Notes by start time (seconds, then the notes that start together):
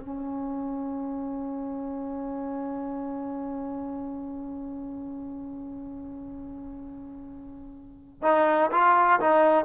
0.00 C#4
8.22 D#4
8.71 F4
9.20 D#4